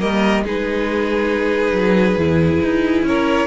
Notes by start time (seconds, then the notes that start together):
0.00 G3 A#3 A#4 D#5
0.45 G#3 D#4 G#4 B4
1.73 F#3
2.17 E2 E4
2.63 D#4
3.03 C#4 A#4 C#5